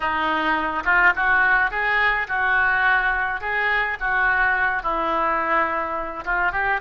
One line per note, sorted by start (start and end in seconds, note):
0.00 0.83 D#4
0.85 1.13 F4
1.15 1.70 F#4
1.70 2.27 G#4
2.28 3.41 F#4
3.41 3.97 G#4
3.99 4.83 F#4
4.83 6.24 E4
6.24 6.52 F4
6.52 6.80 G4